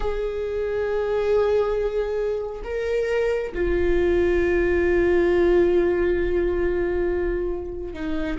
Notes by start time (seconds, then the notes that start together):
0.00 G#4
2.64 A#4
3.54 F4
7.93 D#4